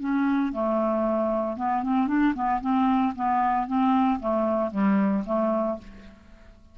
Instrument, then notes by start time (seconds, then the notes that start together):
clarinet
0.00 C#4
0.53 A3
1.57 B3
1.83 C4
2.08 D4
2.34 B3
2.61 C4
3.16 B3
3.67 C4
4.20 A3
4.71 G3
5.26 A3